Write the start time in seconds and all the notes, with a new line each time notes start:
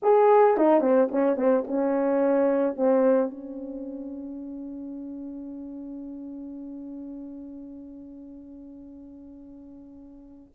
0.02 G#4
0.57 D#4
0.81 C4
1.11 C#4
1.36 C4
1.67 C#4
2.76 C4
3.30 C#4